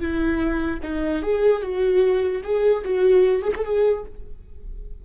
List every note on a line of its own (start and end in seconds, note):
0.00 0.80 E4
0.82 1.22 D#4
1.22 1.62 G#4
1.62 2.42 F#4
2.43 2.83 G#4
2.84 3.42 F#4
3.42 3.52 G#4
3.55 3.64 A4
3.64 4.04 G#4